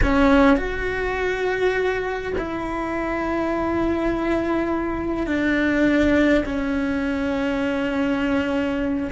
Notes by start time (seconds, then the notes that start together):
0.02 C#4
0.56 F#4
2.37 E4
5.26 D4
6.45 C#4